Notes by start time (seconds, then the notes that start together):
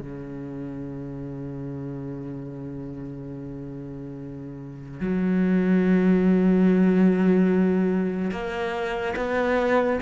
0.00 C#3
5.00 F#3
8.31 A#3
9.16 B3